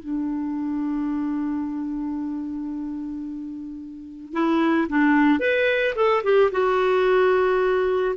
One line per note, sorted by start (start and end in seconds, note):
0.00 4.33 D4
4.33 4.88 E4
4.89 5.40 D4
5.40 5.95 B4
5.96 6.23 A4
6.24 6.51 G4
6.52 8.15 F#4